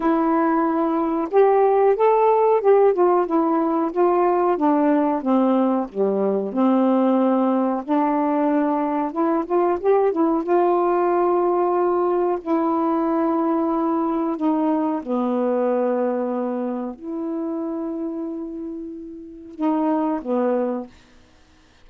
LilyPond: \new Staff \with { instrumentName = "saxophone" } { \time 4/4 \tempo 4 = 92 e'2 g'4 a'4 | g'8 f'8 e'4 f'4 d'4 | c'4 g4 c'2 | d'2 e'8 f'8 g'8 e'8 |
f'2. e'4~ | e'2 dis'4 b4~ | b2 e'2~ | e'2 dis'4 b4 | }